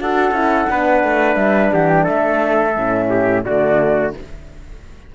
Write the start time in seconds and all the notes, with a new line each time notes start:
0.00 D4 F#4 A4 F#5
0.31 C#4 E4
0.67 B3 D4 B4
1.04 A3
1.35 G3 E5
1.72 E3 G4 F#5
1.89 G5
2.04 A3 A4 E5
2.76 A2 C#4
3.09 G4
3.44 D3 A3 F#4 D5